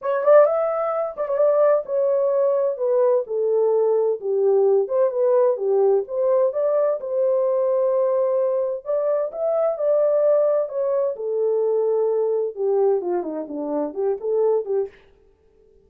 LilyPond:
\new Staff \with { instrumentName = "horn" } { \time 4/4 \tempo 4 = 129 cis''8 d''8 e''4. d''16 cis''16 d''4 | cis''2 b'4 a'4~ | a'4 g'4. c''8 b'4 | g'4 c''4 d''4 c''4~ |
c''2. d''4 | e''4 d''2 cis''4 | a'2. g'4 | f'8 dis'8 d'4 g'8 a'4 g'8 | }